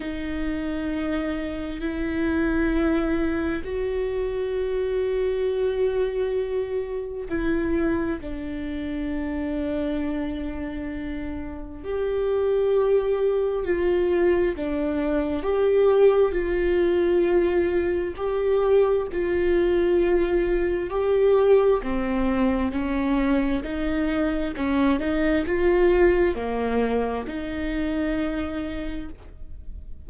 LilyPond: \new Staff \with { instrumentName = "viola" } { \time 4/4 \tempo 4 = 66 dis'2 e'2 | fis'1 | e'4 d'2.~ | d'4 g'2 f'4 |
d'4 g'4 f'2 | g'4 f'2 g'4 | c'4 cis'4 dis'4 cis'8 dis'8 | f'4 ais4 dis'2 | }